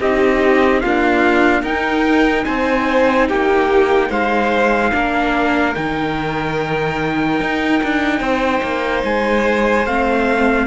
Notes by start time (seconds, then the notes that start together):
0.00 C4 D#4 G4 D#5
0.80 A#3 D4 F4 F5
1.62 D#4 A#4 G5
2.44 C4 C5 G#5
3.28 A#3 G4 G5
4.09 G#3 C5 F5
4.92 A#3 D4 A#4
5.75 D#3 D#4 G5
7.40 D#4
7.83 D4
8.20 C4 C5
8.62 A#3
9.04 G#3 G#5
9.86 A3 C4 F5